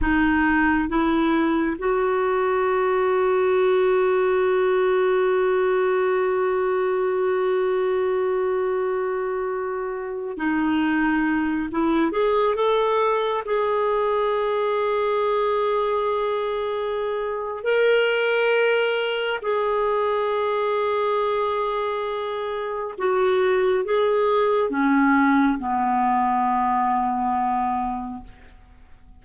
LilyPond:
\new Staff \with { instrumentName = "clarinet" } { \time 4/4 \tempo 4 = 68 dis'4 e'4 fis'2~ | fis'1~ | fis'2.~ fis'8. dis'16~ | dis'4~ dis'16 e'8 gis'8 a'4 gis'8.~ |
gis'1 | ais'2 gis'2~ | gis'2 fis'4 gis'4 | cis'4 b2. | }